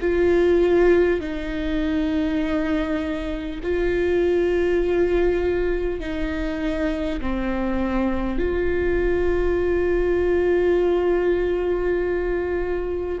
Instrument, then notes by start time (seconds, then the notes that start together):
viola
0.00 F4
1.20 D#4
3.62 F4
5.99 D#4
7.21 C4
8.38 F4